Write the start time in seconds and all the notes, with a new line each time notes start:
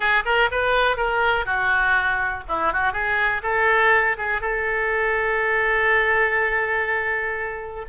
0.00 G#4
0.25 A#4
0.51 B4
0.96 A#4
1.45 F#4
2.48 E4
2.72 F#4
2.93 G#4
3.42 A4
4.17 G#4
4.41 A4